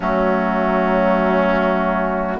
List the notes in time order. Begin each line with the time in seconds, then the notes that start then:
0.00 F#3 A3 C#4 F#4